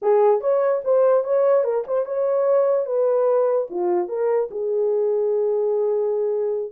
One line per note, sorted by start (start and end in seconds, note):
0.01 0.40 G#4
0.40 0.81 C#5
0.84 1.24 C5
1.24 1.63 C#5
1.63 1.84 A#4
1.87 2.05 C5
2.05 2.86 C#5
2.86 3.67 B4
3.70 4.08 F4
4.08 4.49 A#4
4.51 6.72 G#4